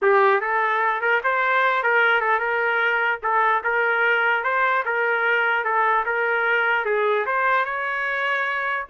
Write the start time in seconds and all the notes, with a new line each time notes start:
0.02 G4
0.40 A4
1.01 A#4
1.23 C5
1.83 A#4
2.20 A4
2.39 A#4
3.22 A4
3.63 A#4
4.43 C5
4.85 A#4
5.64 A4
6.05 A#4
6.85 G#4
7.26 C5
7.65 C#5